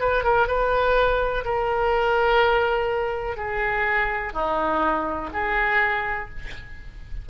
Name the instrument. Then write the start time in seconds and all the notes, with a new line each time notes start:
oboe
0.00 B4
0.24 A#4
0.48 B4
1.45 A#4
3.37 G#4
4.33 D#4
5.33 G#4